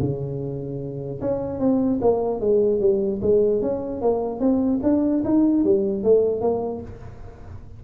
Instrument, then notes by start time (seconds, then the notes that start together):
tuba
0.00 C#3
1.21 C#4
1.60 C4
2.02 A#3
2.41 G#3
2.80 G3
3.22 G#3
3.62 C#4
4.02 A#3
4.40 C4
4.83 D4
5.25 D#4
5.65 G3
6.04 A3
6.41 A#3